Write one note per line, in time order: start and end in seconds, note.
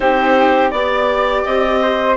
0.00 0.72 C4
0.00 0.72 D#4
0.00 0.70 G4
0.00 0.70 C5
0.70 1.44 B3
0.70 2.17 G4
0.70 1.42 D5
0.70 1.79 D5
1.44 2.17 C4
1.44 2.16 D#5
1.81 2.17 C5